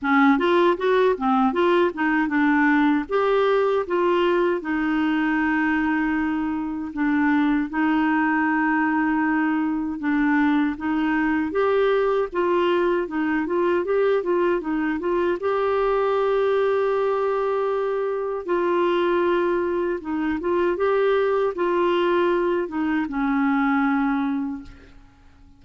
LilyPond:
\new Staff \with { instrumentName = "clarinet" } { \time 4/4 \tempo 4 = 78 cis'8 f'8 fis'8 c'8 f'8 dis'8 d'4 | g'4 f'4 dis'2~ | dis'4 d'4 dis'2~ | dis'4 d'4 dis'4 g'4 |
f'4 dis'8 f'8 g'8 f'8 dis'8 f'8 | g'1 | f'2 dis'8 f'8 g'4 | f'4. dis'8 cis'2 | }